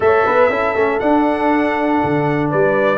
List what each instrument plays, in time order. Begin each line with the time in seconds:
0.00 tuba A3, trombone A4, horn C#5, trumpet E5
0.26 tuba B3, horn B4
0.49 tuba C#4, trombone E4, horn A4
0.75 tuba A3, trombone C#4
0.99 trombone D4, tuba D4, trumpet F#5
2.03 tuba D3
2.49 tuba G3, horn B4, trumpet D5